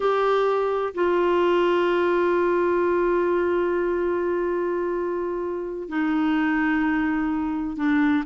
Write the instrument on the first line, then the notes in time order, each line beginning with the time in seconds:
clarinet
0.00 G4
0.94 F4
5.88 D#4
7.76 D4